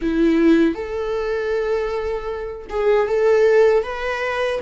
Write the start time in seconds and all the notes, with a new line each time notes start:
0.01 E4
0.74 A4
2.69 G#4
3.07 A4
3.83 B4